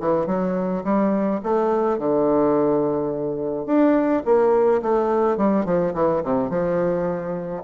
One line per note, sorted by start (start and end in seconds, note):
0.00 0.27 E3
0.27 0.83 F#3
0.84 1.40 G3
1.43 1.98 A3
1.98 3.66 D3
3.66 4.23 D4
4.25 4.81 A#3
4.82 5.37 A3
5.37 5.65 G3
5.65 5.94 F3
5.94 6.22 E3
6.23 6.49 C3
6.49 7.63 F3